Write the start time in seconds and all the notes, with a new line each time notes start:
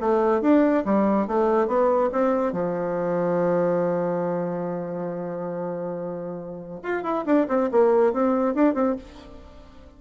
0.00 A3
0.41 D4
0.85 G3
1.28 A3
1.67 B3
2.12 C4
2.52 F3
6.83 F4
7.03 E4
7.26 D4
7.48 C4
7.72 A#3
8.13 C4
8.55 D4
8.74 C4